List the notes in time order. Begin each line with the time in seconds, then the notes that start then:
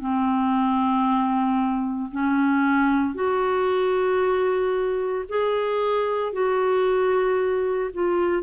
0.00 C4
2.11 C#4
3.15 F#4
5.29 G#4
6.33 F#4
7.94 F4